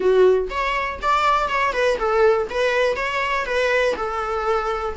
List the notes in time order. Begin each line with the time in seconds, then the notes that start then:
0.00 F#4
0.50 C#5
1.02 D5
1.48 C#5
1.72 B4
1.98 A4
2.50 B4
2.95 C#5
3.45 B4
3.96 A4